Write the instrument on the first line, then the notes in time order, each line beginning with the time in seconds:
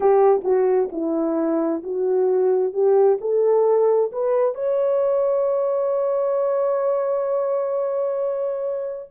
horn
0.00 G4
0.43 F#4
0.92 E4
1.83 F#4
2.73 G4
3.21 A4
4.12 B4
4.55 C#5